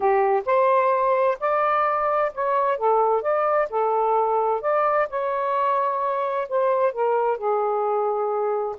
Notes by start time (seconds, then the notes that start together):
0.00 G4
0.45 C5
1.40 D5
2.34 C#5
2.77 A4
3.21 D5
3.70 A4
4.61 D5
5.09 C#5
6.48 C5
6.92 A#4
7.37 G#4